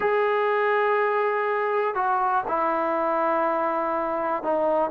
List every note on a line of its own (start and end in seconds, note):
0.00 1.94 G#4
1.94 2.43 F#4
2.48 4.43 E4
4.43 4.90 D#4